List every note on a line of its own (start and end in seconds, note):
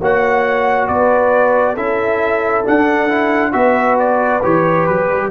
0.00 0.88 A#3
0.00 1.77 F#4
0.00 0.88 C#5
0.00 0.88 F#5
0.88 1.77 B3
0.88 1.74 B4
0.88 1.76 D5
1.74 2.65 C#4
1.74 2.64 E4
1.74 3.51 A4
1.74 2.65 E5
2.64 3.08 D4
2.64 3.54 D4
2.64 3.53 F#5
3.09 3.52 E4
3.52 4.42 B3
3.52 4.41 F#4
3.52 5.30 B4
3.52 3.97 E5
3.99 4.43 D5
4.43 4.88 E3
4.43 5.31 G4
4.43 4.86 C#5
4.86 5.09 F#3
4.86 5.30 B4
5.09 5.31 G3